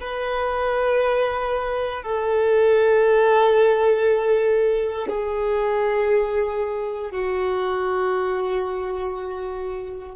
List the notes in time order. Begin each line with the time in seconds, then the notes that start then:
0.00 B4
2.02 A4
5.08 G#4
7.11 F#4